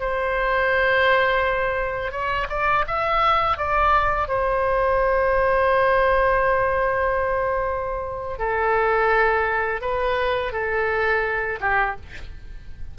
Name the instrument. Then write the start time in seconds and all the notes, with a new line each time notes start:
oboe
0.00 C5
2.12 C#5
2.50 D5
2.87 E5
3.57 D5
4.28 C5
8.39 A4
9.82 B4
10.53 A4
11.61 G4